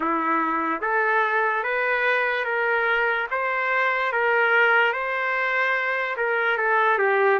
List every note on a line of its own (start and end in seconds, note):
0.00 0.81 E4
0.81 1.63 A4
1.63 2.44 B4
2.44 3.27 A#4
3.30 4.12 C5
4.12 4.92 A#4
4.92 6.16 C5
6.16 6.58 A#4
6.58 6.98 A4
6.98 7.39 G4